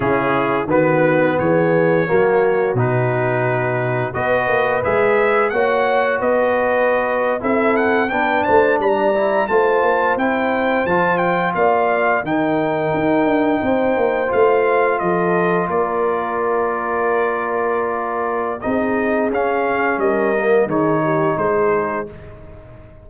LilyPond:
<<
  \new Staff \with { instrumentName = "trumpet" } { \time 4/4 \tempo 4 = 87 gis'4 b'4 cis''2 | b'2 dis''4 e''4 | fis''4 dis''4.~ dis''16 e''8 fis''8 g''16~ | g''16 a''8 ais''4 a''4 g''4 a''16~ |
a''16 g''8 f''4 g''2~ g''16~ | g''8. f''4 dis''4 d''4~ d''16~ | d''2. dis''4 | f''4 dis''4 cis''4 c''4 | }
  \new Staff \with { instrumentName = "horn" } { \time 4/4 e'4 fis'4 gis'4 fis'4~ | fis'2 b'2 | cis''4 b'4.~ b'16 a'4 b'16~ | b'16 c''8 d''4 c''2~ c''16~ |
c''8. d''4 ais'2 c''16~ | c''4.~ c''16 a'4 ais'4~ ais'16~ | ais'2. gis'4~ | gis'4 ais'4 gis'8 g'8 gis'4 | }
  \new Staff \with { instrumentName = "trombone" } { \time 4/4 cis'4 b2 ais4 | dis'2 fis'4 gis'4 | fis'2~ fis'8. e'4 d'16~ | d'4~ d'16 e'8 f'4 e'4 f'16~ |
f'4.~ f'16 dis'2~ dis'16~ | dis'8. f'2.~ f'16~ | f'2. dis'4 | cis'4. ais8 dis'2 | }
  \new Staff \with { instrumentName = "tuba" } { \time 4/4 cis4 dis4 e4 fis4 | b,2 b8 ais8 gis4 | ais4 b4.~ b16 c'4 b16~ | b16 a8 g4 a8 ais8 c'4 f16~ |
f8. ais4 dis4 dis'8 d'8 c'16~ | c'16 ais8 a4 f4 ais4~ ais16~ | ais2. c'4 | cis'4 g4 dis4 gis4 | }
>>